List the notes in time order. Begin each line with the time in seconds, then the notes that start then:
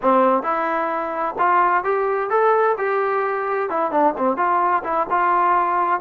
0.01 C4
0.43 E4
1.38 F4
1.84 G4
2.30 A4
2.77 G4
3.69 E4
3.91 D4
4.17 C4
4.36 F4
4.83 E4
5.10 F4